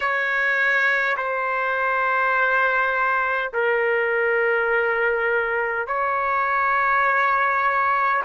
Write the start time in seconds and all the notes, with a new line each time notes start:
0.00 C#5
1.17 C5
3.53 A#4
5.87 C#5